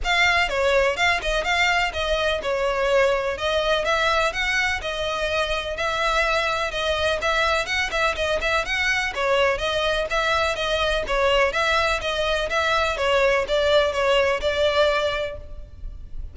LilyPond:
\new Staff \with { instrumentName = "violin" } { \time 4/4 \tempo 4 = 125 f''4 cis''4 f''8 dis''8 f''4 | dis''4 cis''2 dis''4 | e''4 fis''4 dis''2 | e''2 dis''4 e''4 |
fis''8 e''8 dis''8 e''8 fis''4 cis''4 | dis''4 e''4 dis''4 cis''4 | e''4 dis''4 e''4 cis''4 | d''4 cis''4 d''2 | }